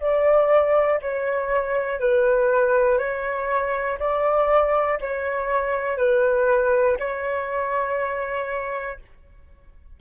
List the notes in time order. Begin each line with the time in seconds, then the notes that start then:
0.00 D5
1.02 C#5
2.00 B4
2.99 C#5
4.00 D5
5.01 C#5
5.98 B4
7.00 C#5